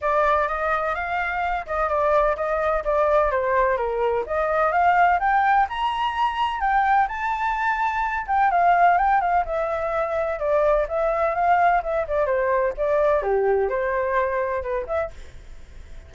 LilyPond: \new Staff \with { instrumentName = "flute" } { \time 4/4 \tempo 4 = 127 d''4 dis''4 f''4. dis''8 | d''4 dis''4 d''4 c''4 | ais'4 dis''4 f''4 g''4 | ais''2 g''4 a''4~ |
a''4. g''8 f''4 g''8 f''8 | e''2 d''4 e''4 | f''4 e''8 d''8 c''4 d''4 | g'4 c''2 b'8 e''8 | }